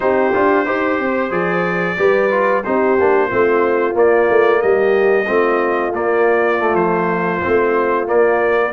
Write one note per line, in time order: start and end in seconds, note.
0.00 0.34 C4
0.00 0.33 D#4
0.00 0.65 G4
0.00 1.31 C5
0.33 0.66 D4
0.33 0.66 F4
0.65 0.98 D#4
0.65 1.30 G4
0.65 1.97 C5
0.98 1.30 C4
1.30 1.96 F3
1.30 1.96 G#4
1.30 2.63 D5
1.97 2.64 G3
1.97 2.30 G4
1.97 2.64 B4
2.30 2.63 F4
2.63 2.99 C4
2.63 2.98 D#4
2.63 3.28 G4
2.63 3.95 C5
2.99 3.32 A#3
2.99 3.30 D4
3.28 3.95 A3
3.28 3.93 C4
3.28 4.60 F4
3.93 5.25 A#3
3.93 4.27 A#3
3.93 4.61 D5
4.29 4.62 A3
4.61 5.28 G3
4.61 5.27 G4
4.61 5.93 D#5
5.26 5.92 A3
5.26 5.92 C4
5.26 8.72 F4
5.92 6.73 A#3
5.92 6.59 A#3
5.92 6.75 D5
6.59 7.41 A3
6.73 7.39 F3
6.73 8.07 C5
7.42 8.11 A3
7.42 8.06 C4
8.06 8.72 A#3
8.06 8.72 D5